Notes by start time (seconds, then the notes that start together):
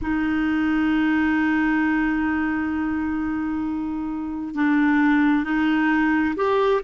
0.01 D#4
4.55 D4
5.43 D#4
6.36 G4